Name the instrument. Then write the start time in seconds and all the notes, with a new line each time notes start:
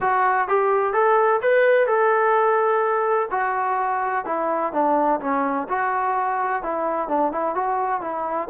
trombone
0.01 F#4
0.48 G4
0.93 A4
1.42 B4
1.87 A4
3.30 F#4
4.25 E4
4.72 D4
5.20 C#4
5.68 F#4
6.62 E4
7.08 D4
7.32 E4
7.54 F#4
8.01 E4